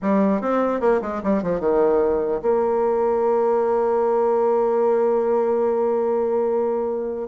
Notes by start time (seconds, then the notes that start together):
0.02 G3
0.41 C4
0.80 A#3
1.01 G#3
1.23 G3
1.43 F3
1.60 D#3
2.42 A#3